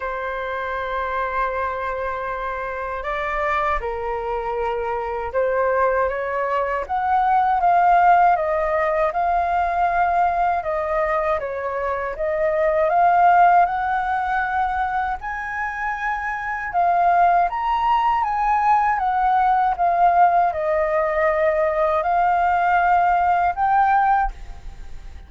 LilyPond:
\new Staff \with { instrumentName = "flute" } { \time 4/4 \tempo 4 = 79 c''1 | d''4 ais'2 c''4 | cis''4 fis''4 f''4 dis''4 | f''2 dis''4 cis''4 |
dis''4 f''4 fis''2 | gis''2 f''4 ais''4 | gis''4 fis''4 f''4 dis''4~ | dis''4 f''2 g''4 | }